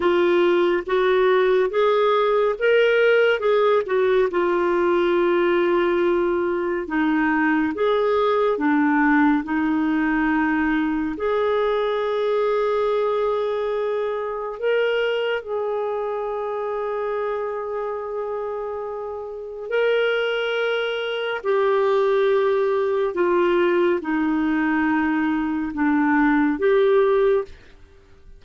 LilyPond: \new Staff \with { instrumentName = "clarinet" } { \time 4/4 \tempo 4 = 70 f'4 fis'4 gis'4 ais'4 | gis'8 fis'8 f'2. | dis'4 gis'4 d'4 dis'4~ | dis'4 gis'2.~ |
gis'4 ais'4 gis'2~ | gis'2. ais'4~ | ais'4 g'2 f'4 | dis'2 d'4 g'4 | }